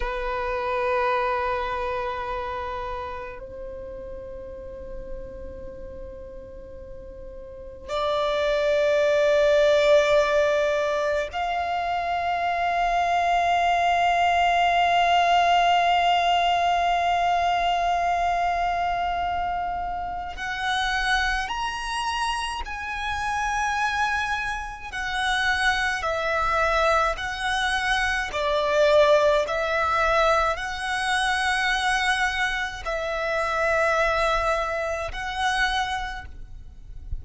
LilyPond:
\new Staff \with { instrumentName = "violin" } { \time 4/4 \tempo 4 = 53 b'2. c''4~ | c''2. d''4~ | d''2 f''2~ | f''1~ |
f''2 fis''4 ais''4 | gis''2 fis''4 e''4 | fis''4 d''4 e''4 fis''4~ | fis''4 e''2 fis''4 | }